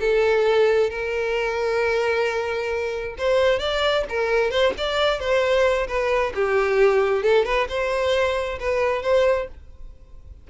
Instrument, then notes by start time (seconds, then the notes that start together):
violin
0.00 A4
0.90 A#4
3.18 C5
3.59 D5
4.09 A#4
4.51 C5
4.78 D5
5.19 C5
5.87 B4
6.35 G4
7.23 A4
7.45 B4
7.69 C5
8.59 B4
9.02 C5